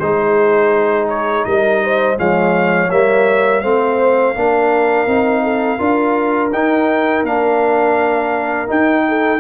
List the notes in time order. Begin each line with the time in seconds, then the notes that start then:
0.00 G#3 D#4 G#4 C5
1.09 C#5
1.45 G3 A#4 D#5
1.84 C5
2.17 F3 G#3 C#5 F5
2.91 G3 A#3 E5
3.61 A3 C4 C5 F5
4.35 A#3 D4 A#4
5.07 C4 D#4
5.44 A4
5.79 D4 F4 A#4
6.53 D#4 G5
7.24 A#3 D4 F5
8.67 D#4 G5
9.09 A4